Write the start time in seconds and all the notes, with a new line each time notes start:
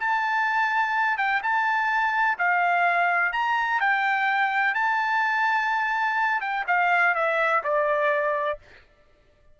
0.00 A5
1.18 G5
1.43 A5
2.39 F5
3.33 A#5
3.81 G5
4.75 A5
6.41 G5
6.67 F5
7.15 E5
7.64 D5